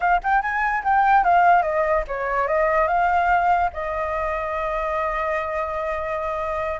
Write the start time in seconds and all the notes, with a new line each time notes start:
0.00 F5
0.23 G5
0.42 G#5
0.84 G5
1.23 F5
1.62 D#5
2.07 C#5
2.47 D#5
2.87 F5
3.73 D#5